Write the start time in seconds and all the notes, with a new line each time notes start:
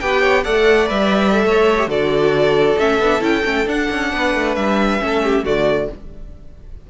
0.00 B3 G4 B4 G5
0.20 C#5
0.44 A3 A4 D5 F#5
0.87 G3 B4 E5
1.31 A4
1.44 A3 C#5
1.77 G4
1.86 D3 F#4 A4 D5
2.77 A3 C#4 E5
2.99 B3 D4
3.20 C#4 E4 G5
3.44 A3 C#4
3.65 D4 F#5
3.90 C#4
4.12 B3 B4
4.34 A3
4.55 G3 E5
4.99 A3 C#4
5.05 A4
5.23 G4
5.43 D3 A3 F#4 D5